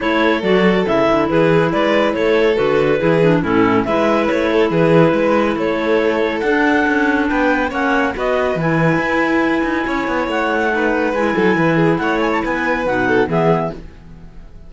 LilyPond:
<<
  \new Staff \with { instrumentName = "clarinet" } { \time 4/4 \tempo 4 = 140 cis''4 d''4 e''4 b'4 | d''4 cis''4 b'2 | a'4 e''4 cis''4 b'4~ | b'4 cis''2 fis''4~ |
fis''4 g''4 fis''4 dis''4 | gis''1 | fis''2 gis''2 | fis''8 gis''16 a''16 gis''4 fis''4 e''4 | }
  \new Staff \with { instrumentName = "violin" } { \time 4/4 a'2. gis'4 | b'4 a'2 gis'4 | e'4 b'4. a'8 gis'4 | b'4 a'2.~ |
a'4 b'4 cis''4 b'4~ | b'2. cis''4~ | cis''4 b'4. a'8 b'8 gis'8 | cis''4 b'4. a'8 gis'4 | }
  \new Staff \with { instrumentName = "clarinet" } { \time 4/4 e'4 fis'4 e'2~ | e'2 fis'4 e'8 d'8 | cis'4 e'2.~ | e'2. d'4~ |
d'2 cis'4 fis'4 | e'1~ | e'4 dis'4 e'2~ | e'2 dis'4 b4 | }
  \new Staff \with { instrumentName = "cello" } { \time 4/4 a4 fis4 cis8 d8 e4 | gis4 a4 d4 e4 | a,4 gis4 a4 e4 | gis4 a2 d'4 |
cis'4 b4 ais4 b4 | e4 e'4. dis'8 cis'8 b8 | a2 gis8 fis8 e4 | a4 b4 b,4 e4 | }
>>